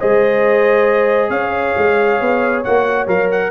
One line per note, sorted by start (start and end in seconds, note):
0.00 1.30 G#3
0.00 2.66 G#4
0.00 1.30 C5
0.00 1.30 D#5
1.30 1.74 C#4
1.30 3.50 C#5
1.30 2.63 F5
1.78 2.21 G#3
2.21 2.65 B3
2.64 3.07 A#3
2.64 3.08 F#4
2.64 3.08 F#5
3.07 3.51 F#3
3.07 3.51 A#4
3.07 3.31 F5
3.32 3.51 F#5